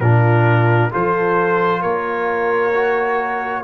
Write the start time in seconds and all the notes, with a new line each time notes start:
0.00 A#2 D4 F4 A#4
0.91 F3 F4 A4 C5
1.81 A#3 A#4 C#5
2.74 F#4